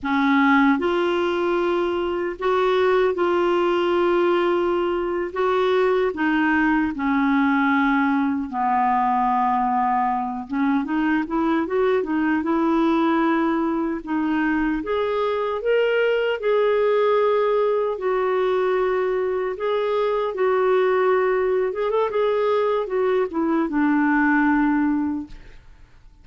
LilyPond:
\new Staff \with { instrumentName = "clarinet" } { \time 4/4 \tempo 4 = 76 cis'4 f'2 fis'4 | f'2~ f'8. fis'4 dis'16~ | dis'8. cis'2 b4~ b16~ | b4~ b16 cis'8 dis'8 e'8 fis'8 dis'8 e'16~ |
e'4.~ e'16 dis'4 gis'4 ais'16~ | ais'8. gis'2 fis'4~ fis'16~ | fis'8. gis'4 fis'4.~ fis'16 gis'16 a'16 | gis'4 fis'8 e'8 d'2 | }